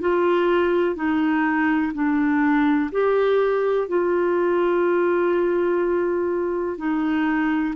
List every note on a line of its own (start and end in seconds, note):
0.00 0.95 F4
0.95 1.92 D#4
1.94 2.90 D4
2.92 3.88 G4
3.88 6.77 F4
6.77 7.74 D#4